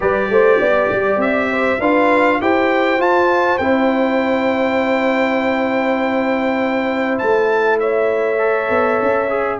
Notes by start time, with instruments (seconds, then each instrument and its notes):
0.00 tuba G3, trombone G4, horn B4, trumpet D5
0.29 tuba A3, horn C5
0.59 tuba B3, horn D5
0.92 tuba G3
1.17 tuba C4, trumpet E5
1.50 horn C5
1.79 tuba D4, trombone F4, horn B4, trumpet F5
2.41 tuba E4, trombone G4, horn C5, trumpet G5
2.98 tuba F4, trombone F4, trumpet A5
3.58 tuba C4, trombone E4, trumpet G5
7.18 tuba A3, trumpet A5
7.79 horn C#5, trumpet E5
8.38 trombone A4
8.69 tuba B3
9.02 tuba C#4
9.29 trombone G#4